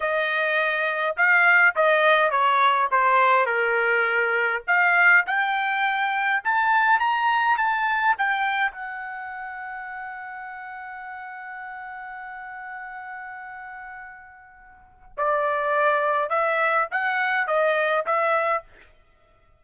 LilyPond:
\new Staff \with { instrumentName = "trumpet" } { \time 4/4 \tempo 4 = 103 dis''2 f''4 dis''4 | cis''4 c''4 ais'2 | f''4 g''2 a''4 | ais''4 a''4 g''4 fis''4~ |
fis''1~ | fis''1~ | fis''2 d''2 | e''4 fis''4 dis''4 e''4 | }